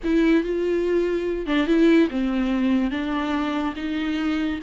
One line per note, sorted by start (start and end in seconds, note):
0.04 0.43 E4
0.43 1.46 F4
1.46 1.67 D4
1.67 2.08 E4
2.10 2.91 C4
2.91 3.74 D4
3.76 4.59 D#4